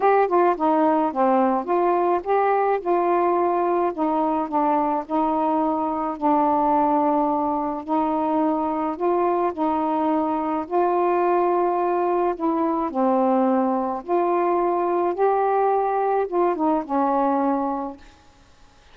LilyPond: \new Staff \with { instrumentName = "saxophone" } { \time 4/4 \tempo 4 = 107 g'8 f'8 dis'4 c'4 f'4 | g'4 f'2 dis'4 | d'4 dis'2 d'4~ | d'2 dis'2 |
f'4 dis'2 f'4~ | f'2 e'4 c'4~ | c'4 f'2 g'4~ | g'4 f'8 dis'8 cis'2 | }